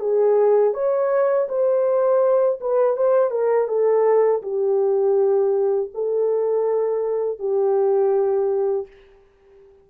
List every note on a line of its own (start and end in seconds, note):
0.00 0.74 G#4
0.74 1.48 C#5
1.48 2.60 C5
2.61 2.97 B4
2.97 3.31 C5
3.31 3.68 A#4
3.68 4.42 A4
4.42 5.91 G4
5.94 7.39 A4
7.39 8.87 G4